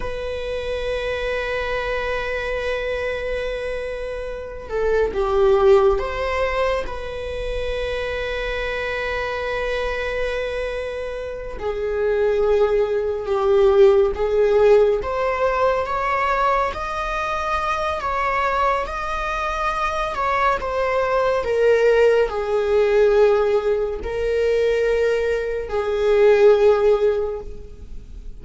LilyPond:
\new Staff \with { instrumentName = "viola" } { \time 4/4 \tempo 4 = 70 b'1~ | b'4. a'8 g'4 c''4 | b'1~ | b'4. gis'2 g'8~ |
g'8 gis'4 c''4 cis''4 dis''8~ | dis''4 cis''4 dis''4. cis''8 | c''4 ais'4 gis'2 | ais'2 gis'2 | }